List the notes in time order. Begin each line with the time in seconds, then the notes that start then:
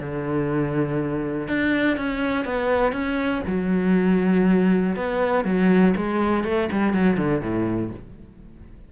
0.00 D3
1.47 D4
1.97 C#4
2.45 B3
2.92 C#4
3.47 F#3
4.96 B3
5.45 F#3
5.96 G#3
6.44 A3
6.71 G3
6.93 F#3
7.17 D3
7.41 A2